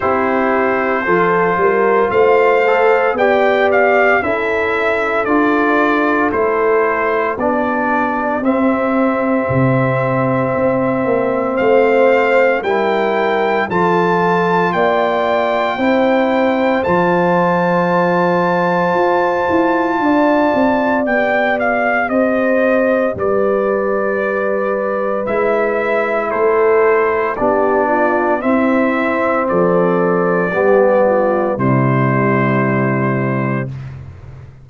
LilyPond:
<<
  \new Staff \with { instrumentName = "trumpet" } { \time 4/4 \tempo 4 = 57 c''2 f''4 g''8 f''8 | e''4 d''4 c''4 d''4 | e''2. f''4 | g''4 a''4 g''2 |
a''1 | g''8 f''8 dis''4 d''2 | e''4 c''4 d''4 e''4 | d''2 c''2 | }
  \new Staff \with { instrumentName = "horn" } { \time 4/4 g'4 a'8 ais'8 c''4 d''4 | a'2. g'4~ | g'2. c''4 | ais'4 a'4 d''4 c''4~ |
c''2. d''4~ | d''4 c''4 b'2~ | b'4 a'4 g'8 f'8 e'4 | a'4 g'8 f'8 e'2 | }
  \new Staff \with { instrumentName = "trombone" } { \time 4/4 e'4 f'4. a'8 g'4 | e'4 f'4 e'4 d'4 | c'1 | e'4 f'2 e'4 |
f'1 | g'1 | e'2 d'4 c'4~ | c'4 b4 g2 | }
  \new Staff \with { instrumentName = "tuba" } { \time 4/4 c'4 f8 g8 a4 b4 | cis'4 d'4 a4 b4 | c'4 c4 c'8 ais8 a4 | g4 f4 ais4 c'4 |
f2 f'8 e'8 d'8 c'8 | b4 c'4 g2 | gis4 a4 b4 c'4 | f4 g4 c2 | }
>>